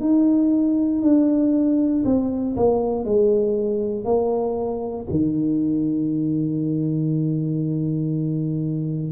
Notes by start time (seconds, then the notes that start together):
0.00 D#4
1.02 D4
2.05 C4
2.56 A#3
3.05 G#3
4.04 A#3
5.10 D#3